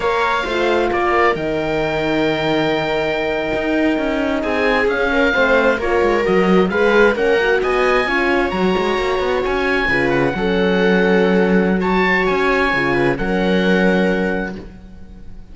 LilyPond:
<<
  \new Staff \with { instrumentName = "oboe" } { \time 4/4 \tempo 4 = 132 f''2 d''4 g''4~ | g''1~ | g''4.~ g''16 gis''4 f''4~ f''16~ | f''8. cis''4 dis''4 f''4 fis''16~ |
fis''8. gis''2 ais''4~ ais''16~ | ais''8. gis''4. fis''4.~ fis''16~ | fis''2 a''4 gis''4~ | gis''4 fis''2. | }
  \new Staff \with { instrumentName = "viola" } { \time 4/4 cis''4 c''4 ais'2~ | ais'1~ | ais'4.~ ais'16 gis'4. ais'8 c''16~ | c''8. ais'2 b'4 ais'16~ |
ais'8. dis''4 cis''2~ cis''16~ | cis''4.~ cis''16 b'4 a'4~ a'16~ | a'2 cis''2~ | cis''8 b'8 ais'2. | }
  \new Staff \with { instrumentName = "horn" } { \time 4/4 ais'4 f'2 dis'4~ | dis'1~ | dis'2~ dis'8. cis'4 c'16~ | c'8. f'4 fis'4 gis'4 cis'16~ |
cis'16 fis'4. f'4 fis'4~ fis'16~ | fis'4.~ fis'16 f'4 cis'4~ cis'16~ | cis'2 fis'2 | f'4 cis'2. | }
  \new Staff \with { instrumentName = "cello" } { \time 4/4 ais4 a4 ais4 dis4~ | dis2.~ dis8. dis'16~ | dis'8. cis'4 c'4 cis'4 a16~ | a8. ais8 gis8 fis4 gis4 ais16~ |
ais8. b4 cis'4 fis8 gis8 ais16~ | ais16 b8 cis'4 cis4 fis4~ fis16~ | fis2. cis'4 | cis4 fis2. | }
>>